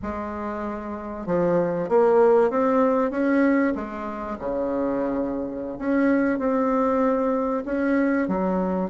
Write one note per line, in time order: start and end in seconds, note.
0.02 1.26 G#3
1.26 1.88 F3
1.88 2.50 A#3
2.50 3.11 C4
3.11 3.73 C#4
3.75 4.38 G#3
4.38 5.78 C#3
5.78 6.38 C#4
6.38 7.63 C4
7.65 8.28 C#4
8.28 8.90 F#3